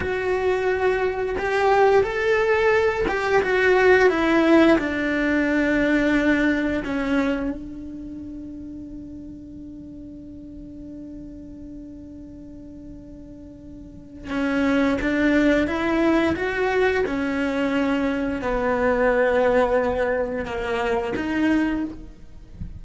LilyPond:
\new Staff \with { instrumentName = "cello" } { \time 4/4 \tempo 4 = 88 fis'2 g'4 a'4~ | a'8 g'8 fis'4 e'4 d'4~ | d'2 cis'4 d'4~ | d'1~ |
d'1~ | d'4 cis'4 d'4 e'4 | fis'4 cis'2 b4~ | b2 ais4 dis'4 | }